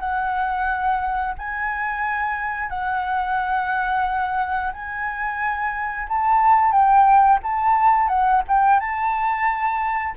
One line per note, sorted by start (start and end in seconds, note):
0.00 1.35 F#5
1.38 2.70 G#5
2.70 4.72 F#5
4.73 6.08 G#5
6.09 6.72 A5
6.72 7.39 G5
7.43 8.08 A5
8.08 8.42 F#5
8.48 8.80 G5
8.80 10.15 A5